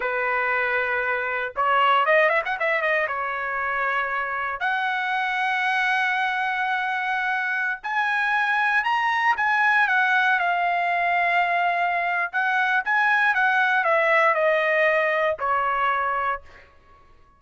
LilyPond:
\new Staff \with { instrumentName = "trumpet" } { \time 4/4 \tempo 4 = 117 b'2. cis''4 | dis''8 e''16 fis''16 e''8 dis''8 cis''2~ | cis''4 fis''2.~ | fis''2.~ fis''16 gis''8.~ |
gis''4~ gis''16 ais''4 gis''4 fis''8.~ | fis''16 f''2.~ f''8. | fis''4 gis''4 fis''4 e''4 | dis''2 cis''2 | }